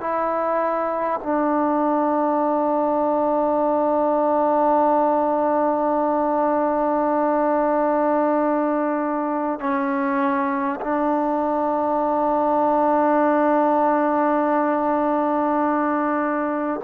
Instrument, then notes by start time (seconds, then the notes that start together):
trombone
0.00 E4
1.23 D4
9.59 C#4
10.80 D4